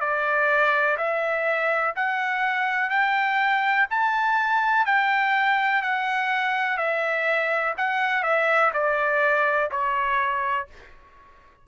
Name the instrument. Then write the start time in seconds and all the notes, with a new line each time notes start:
trumpet
0.00 D5
0.98 E5
1.96 F#5
2.90 G5
3.91 A5
4.86 G5
5.82 F#5
6.77 E5
7.78 F#5
8.23 E5
8.73 D5
9.71 C#5